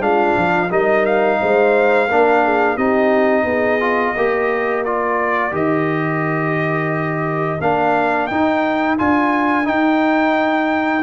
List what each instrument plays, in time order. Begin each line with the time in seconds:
0.00 tuba G#3, trombone D4, horn F4, trumpet F5
0.36 tuba F3
0.69 tuba G3, trombone D#4, horn A#4, trumpet D#5
1.05 trumpet F5
1.40 tuba G#3, horn C5
2.08 tuba A#3, trombone D4, horn A#4
2.44 horn G#4
2.75 tuba C4, trombone D#4, horn G4, trumpet D#5
3.44 tuba B3, horn G#4
3.80 trombone F4
4.14 tuba A#3, trombone G4, horn A#4
4.84 trombone F4, trumpet D5
5.51 tuba D#3, trombone G4, trumpet D#5
7.60 tuba A#3, trombone D4, trumpet F5
8.27 tuba D#4, trombone D#4, trumpet G5
8.98 tuba D4, trombone F4, trumpet G#5
9.64 trombone D#4, tuba D#4, trumpet G5